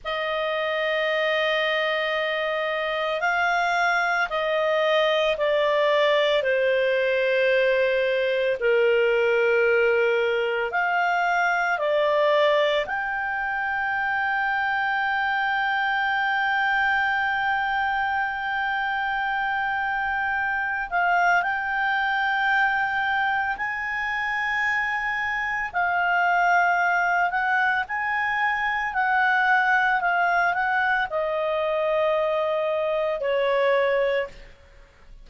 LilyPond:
\new Staff \with { instrumentName = "clarinet" } { \time 4/4 \tempo 4 = 56 dis''2. f''4 | dis''4 d''4 c''2 | ais'2 f''4 d''4 | g''1~ |
g''2.~ g''8 f''8 | g''2 gis''2 | f''4. fis''8 gis''4 fis''4 | f''8 fis''8 dis''2 cis''4 | }